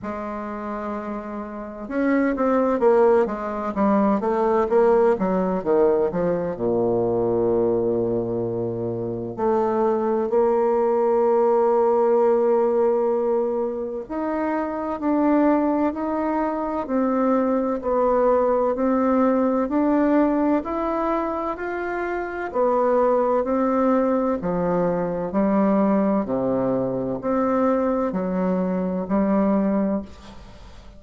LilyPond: \new Staff \with { instrumentName = "bassoon" } { \time 4/4 \tempo 4 = 64 gis2 cis'8 c'8 ais8 gis8 | g8 a8 ais8 fis8 dis8 f8 ais,4~ | ais,2 a4 ais4~ | ais2. dis'4 |
d'4 dis'4 c'4 b4 | c'4 d'4 e'4 f'4 | b4 c'4 f4 g4 | c4 c'4 fis4 g4 | }